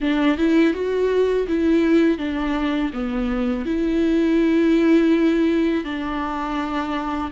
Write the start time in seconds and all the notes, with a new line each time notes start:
0.00 D4
0.37 E4
0.73 F#4
1.47 E4
2.18 D4
2.93 B3
3.65 E4
5.84 D4